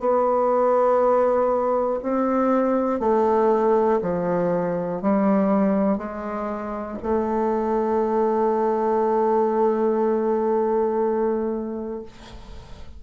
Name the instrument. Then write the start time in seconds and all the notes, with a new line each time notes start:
bassoon
0.00 B3
2.02 C4
3.00 A3
4.01 F3
5.01 G3
5.98 G#3
7.02 A3